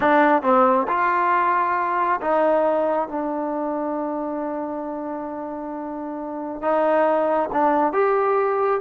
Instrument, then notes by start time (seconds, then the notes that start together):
trombone
0.00 D4
0.42 C4
0.87 F4
2.21 D#4
3.08 D4
6.61 D#4
7.52 D4
7.93 G4